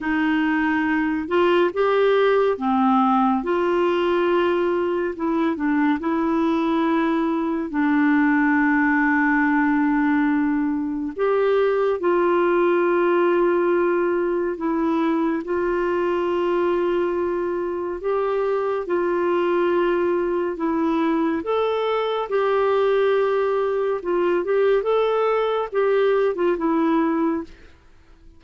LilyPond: \new Staff \with { instrumentName = "clarinet" } { \time 4/4 \tempo 4 = 70 dis'4. f'8 g'4 c'4 | f'2 e'8 d'8 e'4~ | e'4 d'2.~ | d'4 g'4 f'2~ |
f'4 e'4 f'2~ | f'4 g'4 f'2 | e'4 a'4 g'2 | f'8 g'8 a'4 g'8. f'16 e'4 | }